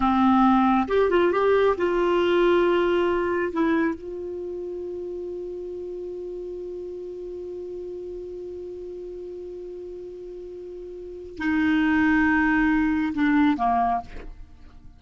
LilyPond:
\new Staff \with { instrumentName = "clarinet" } { \time 4/4 \tempo 4 = 137 c'2 g'8 f'8 g'4 | f'1 | e'4 f'2.~ | f'1~ |
f'1~ | f'1~ | f'2 dis'2~ | dis'2 d'4 ais4 | }